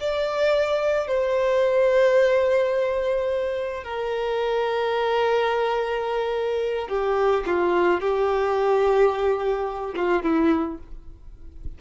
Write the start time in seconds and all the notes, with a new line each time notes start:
0.00 D5
1.07 C5
3.84 A#4
6.88 G4
7.46 F4
8.01 G4
9.96 F4
10.22 E4